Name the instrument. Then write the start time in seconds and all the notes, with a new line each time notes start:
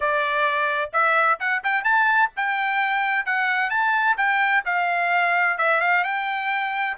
trumpet
0.00 D5
0.92 E5
1.39 F#5
1.63 G5
1.84 A5
2.36 G5
3.25 F#5
3.70 A5
4.17 G5
4.65 F5
5.58 E5
5.80 F5
6.04 G5